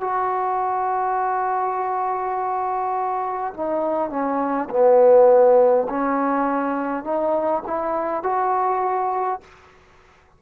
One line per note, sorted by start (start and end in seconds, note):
0.00 3.53 F#4
3.53 4.10 D#4
4.10 4.68 C#4
4.70 5.87 B3
5.89 7.03 C#4
7.03 7.62 D#4
7.66 8.22 E4
8.22 9.40 F#4